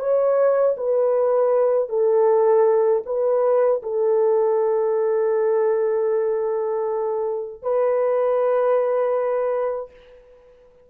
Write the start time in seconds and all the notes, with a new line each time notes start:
0.00 C#5
0.77 B4
1.89 A4
3.06 B4
3.83 A4
7.63 B4